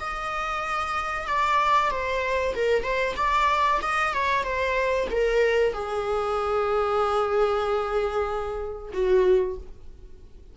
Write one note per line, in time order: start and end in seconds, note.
0.00 1.28 D#5
1.28 1.91 D5
1.91 2.55 C5
2.55 2.84 A#4
2.84 3.16 C5
3.17 3.80 D5
3.82 4.14 D#5
4.14 4.44 C#5
4.44 5.08 C5
5.11 5.73 A#4
5.73 8.92 G#4
8.93 9.57 F#4